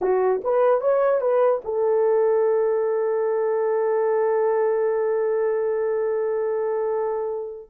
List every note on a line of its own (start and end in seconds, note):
0.01 0.41 F#4
0.43 0.80 B4
0.80 1.21 C#5
1.21 1.61 B4
1.64 7.70 A4